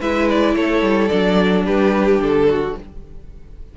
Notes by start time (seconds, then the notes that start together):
0.00 G#3 E4 B4 E5
0.30 D5
0.56 A3 A4 C#5
0.82 G3
1.08 F#3 D4 D5
1.65 G3 G4 B4
2.19 D3 A4
2.50 F#4